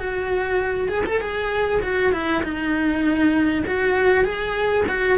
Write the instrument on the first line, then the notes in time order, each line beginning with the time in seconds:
cello
0.00 F#4
0.89 G#4
1.06 A4
1.21 G#4
1.82 F#4
2.13 E4
2.44 D#4
3.67 F#4
4.25 G#4
4.88 F#4